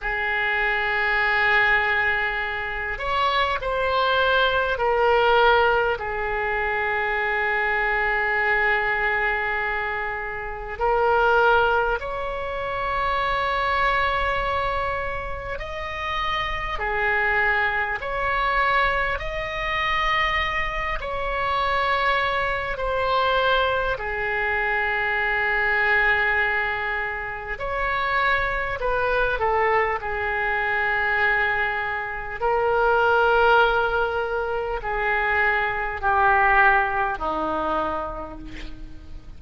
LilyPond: \new Staff \with { instrumentName = "oboe" } { \time 4/4 \tempo 4 = 50 gis'2~ gis'8 cis''8 c''4 | ais'4 gis'2.~ | gis'4 ais'4 cis''2~ | cis''4 dis''4 gis'4 cis''4 |
dis''4. cis''4. c''4 | gis'2. cis''4 | b'8 a'8 gis'2 ais'4~ | ais'4 gis'4 g'4 dis'4 | }